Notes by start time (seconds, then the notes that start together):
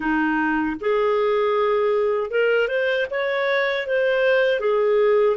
0.00 D#4
0.80 G#4
2.30 A#4
2.67 C5
3.10 C#5
3.86 C5
4.60 G#4